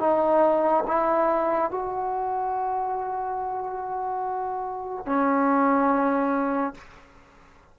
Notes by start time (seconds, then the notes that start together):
0.00 D#4
0.88 E4
1.71 F#4
5.06 C#4